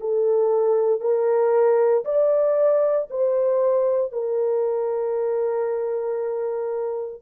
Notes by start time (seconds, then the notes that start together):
0.00 A4
1.01 A#4
2.05 D5
3.10 C5
4.12 A#4